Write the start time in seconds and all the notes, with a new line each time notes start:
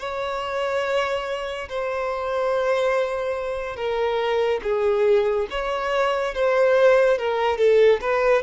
0.00 C#5
1.69 C5
3.77 A#4
4.64 G#4
5.50 C#5
6.35 C5
7.19 A#4
7.58 A4
8.02 B4